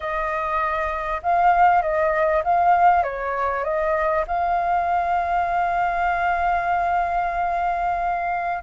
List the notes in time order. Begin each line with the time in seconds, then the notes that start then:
0.00 D#5
1.23 F5
1.82 D#5
2.44 F5
3.03 C#5
3.64 D#5
4.27 F5